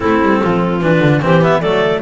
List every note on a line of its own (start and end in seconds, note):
0.00 0.21 A3
0.00 0.81 C4
0.00 0.40 E4
0.00 0.81 A4
0.21 0.41 G3
0.40 0.81 F3
0.40 1.21 F4
0.81 1.00 E3
0.81 1.21 D4
0.81 1.22 B4
1.00 1.20 D3
1.21 1.62 E3
1.21 1.41 C4
1.21 1.59 G4
1.21 1.42 C5
1.41 1.62 B3
1.41 1.61 E5
1.59 2.02 F#3
1.59 2.02 A3
1.59 2.00 A4
1.59 2.01 D5